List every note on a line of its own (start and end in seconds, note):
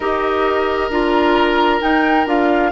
0.00 0.89 D#4
0.00 0.91 G4
0.00 2.70 A#4
0.00 0.91 D#5
0.89 1.80 D4
0.89 1.80 F4
0.89 1.81 A#5
1.80 2.26 D#4
1.80 2.27 G5
2.26 2.71 D4
2.26 2.71 F4
2.26 2.71 F5